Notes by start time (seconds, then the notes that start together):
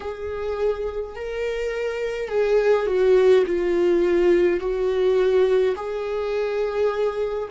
0.00 G#4
1.15 A#4
2.28 G#4
2.86 F#4
3.46 F4
4.59 F#4
5.75 G#4